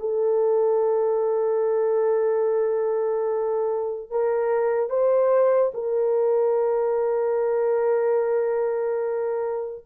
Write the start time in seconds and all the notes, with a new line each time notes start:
0.00 A4
4.11 A#4
4.90 C5
5.74 A#4